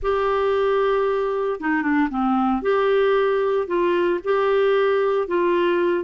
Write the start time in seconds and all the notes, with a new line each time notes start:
0.02 G4
1.60 D#4
1.82 D4
2.10 C4
2.61 G4
3.67 F4
4.23 G4
5.27 F4